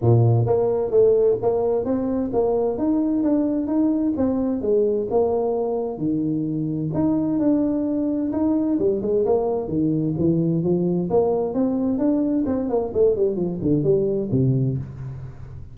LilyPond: \new Staff \with { instrumentName = "tuba" } { \time 4/4 \tempo 4 = 130 ais,4 ais4 a4 ais4 | c'4 ais4 dis'4 d'4 | dis'4 c'4 gis4 ais4~ | ais4 dis2 dis'4 |
d'2 dis'4 g8 gis8 | ais4 dis4 e4 f4 | ais4 c'4 d'4 c'8 ais8 | a8 g8 f8 d8 g4 c4 | }